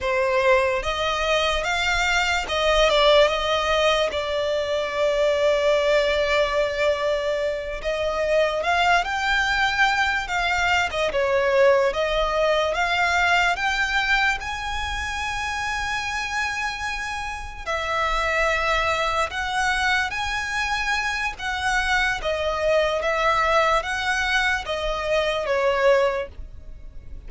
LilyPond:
\new Staff \with { instrumentName = "violin" } { \time 4/4 \tempo 4 = 73 c''4 dis''4 f''4 dis''8 d''8 | dis''4 d''2.~ | d''4. dis''4 f''8 g''4~ | g''8 f''8. dis''16 cis''4 dis''4 f''8~ |
f''8 g''4 gis''2~ gis''8~ | gis''4. e''2 fis''8~ | fis''8 gis''4. fis''4 dis''4 | e''4 fis''4 dis''4 cis''4 | }